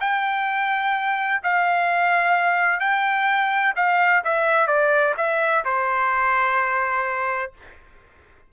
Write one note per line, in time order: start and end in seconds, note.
0.00 1.41 G5
1.43 2.80 F5
2.80 3.73 G5
3.75 4.22 F5
4.24 4.67 E5
4.67 5.14 D5
5.17 5.64 E5
5.65 7.52 C5